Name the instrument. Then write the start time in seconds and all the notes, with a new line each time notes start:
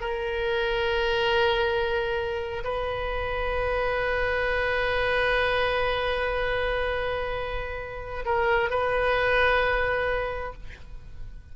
oboe
0.00 A#4
2.64 B4
8.25 A#4
8.70 B4